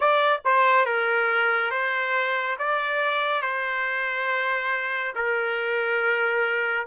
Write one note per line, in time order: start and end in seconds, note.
0.00 0.40 D5
0.44 0.85 C5
0.85 1.70 A#4
1.70 2.56 C5
2.59 3.41 D5
3.41 5.13 C5
5.15 6.86 A#4